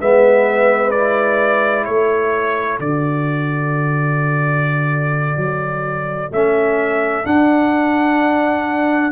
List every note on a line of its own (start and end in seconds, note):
0.00 1.88 G#3
0.00 0.94 B3
0.00 1.86 B4
0.00 0.91 E5
0.91 2.80 E4
0.91 1.84 D5
1.85 2.79 A3
1.85 9.12 A4
1.85 2.78 C#5
2.79 5.37 D3
2.79 6.32 F#4
2.79 6.32 D5
5.37 6.30 F#3
6.31 7.25 A3
6.31 7.24 C#4
6.31 7.26 E5
7.24 9.12 D4
7.24 9.12 F#5